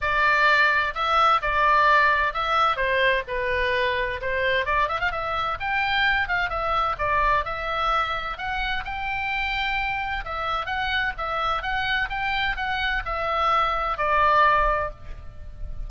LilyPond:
\new Staff \with { instrumentName = "oboe" } { \time 4/4 \tempo 4 = 129 d''2 e''4 d''4~ | d''4 e''4 c''4 b'4~ | b'4 c''4 d''8 e''16 f''16 e''4 | g''4. f''8 e''4 d''4 |
e''2 fis''4 g''4~ | g''2 e''4 fis''4 | e''4 fis''4 g''4 fis''4 | e''2 d''2 | }